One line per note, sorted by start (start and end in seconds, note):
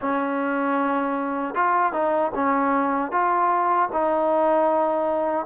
0.01 1.54 C#4
1.54 1.92 F4
1.92 2.31 D#4
2.34 3.11 C#4
3.11 3.89 F4
3.92 5.46 D#4